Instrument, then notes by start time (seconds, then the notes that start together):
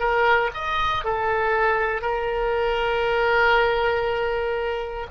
oboe
0.00 A#4
0.55 D#5
1.05 A4
2.02 A#4